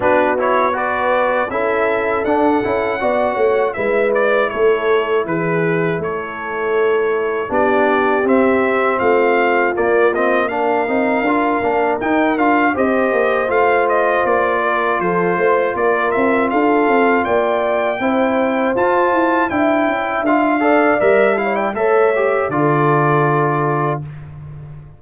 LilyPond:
<<
  \new Staff \with { instrumentName = "trumpet" } { \time 4/4 \tempo 4 = 80 b'8 cis''8 d''4 e''4 fis''4~ | fis''4 e''8 d''8 cis''4 b'4 | cis''2 d''4 e''4 | f''4 d''8 dis''8 f''2 |
g''8 f''8 dis''4 f''8 dis''8 d''4 | c''4 d''8 e''8 f''4 g''4~ | g''4 a''4 g''4 f''4 | e''8 f''16 g''16 e''4 d''2 | }
  \new Staff \with { instrumentName = "horn" } { \time 4/4 fis'4 b'4 a'2 | d''8 cis''8 b'4 a'4 gis'4 | a'2 g'2 | f'2 ais'2~ |
ais'4 c''2~ c''8 ais'8 | a'8 c''8 ais'4 a'4 d''4 | c''2 e''4. d''8~ | d''8 cis''16 d''16 cis''4 a'2 | }
  \new Staff \with { instrumentName = "trombone" } { \time 4/4 d'8 e'8 fis'4 e'4 d'8 e'8 | fis'4 e'2.~ | e'2 d'4 c'4~ | c'4 ais8 c'8 d'8 dis'8 f'8 d'8 |
dis'8 f'8 g'4 f'2~ | f'1 | e'4 f'4 e'4 f'8 a'8 | ais'8 e'8 a'8 g'8 f'2 | }
  \new Staff \with { instrumentName = "tuba" } { \time 4/4 b2 cis'4 d'8 cis'8 | b8 a8 gis4 a4 e4 | a2 b4 c'4 | a4 ais4. c'8 d'8 ais8 |
dis'8 d'8 c'8 ais8 a4 ais4 | f8 a8 ais8 c'8 d'8 c'8 ais4 | c'4 f'8 e'8 d'8 cis'8 d'4 | g4 a4 d2 | }
>>